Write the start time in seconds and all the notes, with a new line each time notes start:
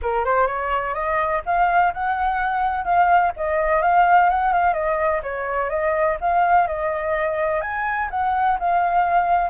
0.02 A#4
0.24 C5
0.47 C#5
0.94 D#5
1.45 F5
1.93 F#5
2.84 F5
3.36 D#5
3.82 F5
4.29 F#5
4.52 F5
4.73 D#5
5.23 C#5
5.69 D#5
6.20 F5
6.67 D#5
7.61 G#5
8.10 F#5
8.59 F5